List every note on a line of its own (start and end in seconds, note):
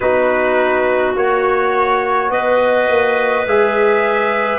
0.00 1.15 B3
0.00 1.16 D#4
0.00 2.30 F#4
0.00 1.15 B4
1.15 2.30 A#3
1.15 3.46 F#4
1.15 2.31 C#5
2.30 2.88 B3
2.30 4.59 B4
2.30 3.46 D#5
2.88 3.45 A#3
3.45 4.59 G#3
3.45 4.59 G#4
3.45 4.59 E5